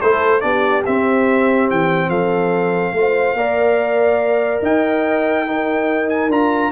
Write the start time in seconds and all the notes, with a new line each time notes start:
0.00 A3 E4 A4 C5
0.40 B3 D4 G4 D5
0.85 C4 E5
1.70 E3 G5
2.09 F3 A4 F5
2.93 A3 F4
2.99 C5
3.34 A#3 A#4 D5
4.62 D#4 D#5 G5
5.47 D#4 A#4
6.09 G#5
6.29 D4 F4 A#5